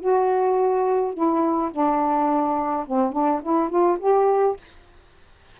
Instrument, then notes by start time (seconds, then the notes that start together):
saxophone
0.00 F#4
1.14 E4
1.71 D4
2.86 C4
3.12 D4
3.43 E4
3.69 F4
3.99 G4